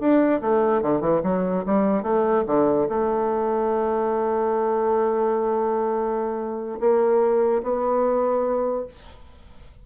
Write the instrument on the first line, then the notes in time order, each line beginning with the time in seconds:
bassoon
0.00 D4
0.41 A3
0.82 D3
1.01 E3
1.23 F#3
1.66 G3
2.03 A3
2.47 D3
2.89 A3
6.80 A#3
7.63 B3